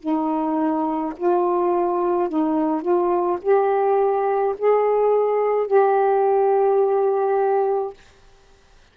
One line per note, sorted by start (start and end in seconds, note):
0.00 1.13 D#4
1.17 2.29 F4
2.29 2.81 D#4
2.81 3.38 F4
3.42 4.55 G4
4.58 5.67 G#4
5.67 7.93 G4